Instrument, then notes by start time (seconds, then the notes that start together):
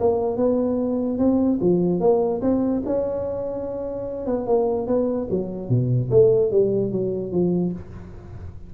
tuba
0.00 A#3
0.37 B3
1.18 C4
1.61 F3
2.00 A#3
2.42 C4
2.86 C#4
4.26 B3
4.47 A#3
4.87 B3
5.30 F#3
5.69 B2
6.11 A3
6.51 G3
6.92 F#3
7.32 F3